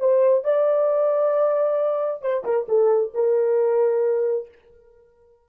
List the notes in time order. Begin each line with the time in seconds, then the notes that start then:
0.00 C5
0.45 D5
2.22 C5
2.45 A#4
2.69 A4
3.15 A#4